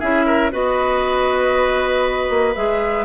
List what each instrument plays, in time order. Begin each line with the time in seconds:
0.00 bassoon C#4, clarinet E4, oboe G#4, flute E5
0.26 oboe A#4
0.51 bassoon B3, clarinet F#4, oboe B4, flute D#5
2.30 bassoon A#3
2.56 bassoon G#3, clarinet G#4, flute E5